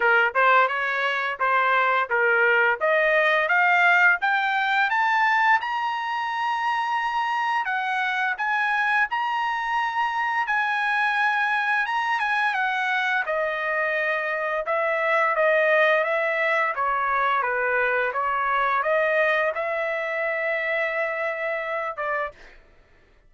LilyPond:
\new Staff \with { instrumentName = "trumpet" } { \time 4/4 \tempo 4 = 86 ais'8 c''8 cis''4 c''4 ais'4 | dis''4 f''4 g''4 a''4 | ais''2. fis''4 | gis''4 ais''2 gis''4~ |
gis''4 ais''8 gis''8 fis''4 dis''4~ | dis''4 e''4 dis''4 e''4 | cis''4 b'4 cis''4 dis''4 | e''2.~ e''8 d''8 | }